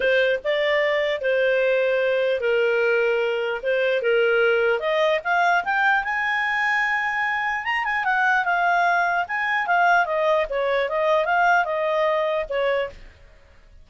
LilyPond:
\new Staff \with { instrumentName = "clarinet" } { \time 4/4 \tempo 4 = 149 c''4 d''2 c''4~ | c''2 ais'2~ | ais'4 c''4 ais'2 | dis''4 f''4 g''4 gis''4~ |
gis''2. ais''8 gis''8 | fis''4 f''2 gis''4 | f''4 dis''4 cis''4 dis''4 | f''4 dis''2 cis''4 | }